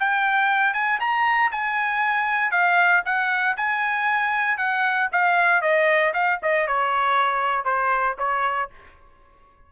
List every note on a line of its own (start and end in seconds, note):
0.00 0.74 G5
0.74 1.00 G#5
1.01 1.52 A#5
1.52 2.52 G#5
2.52 3.03 F5
3.06 3.57 F#5
3.57 4.58 G#5
4.58 5.09 F#5
5.13 5.62 F5
5.62 6.14 D#5
6.14 6.40 F5
6.43 6.68 D#5
6.68 7.65 C#5
7.65 8.17 C5
8.19 8.70 C#5